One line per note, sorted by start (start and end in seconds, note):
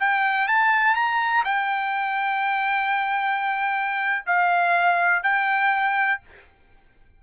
0.00 0.48 G5
0.48 0.95 A5
0.95 1.44 A#5
1.45 4.25 G5
4.26 5.23 F5
5.23 6.21 G5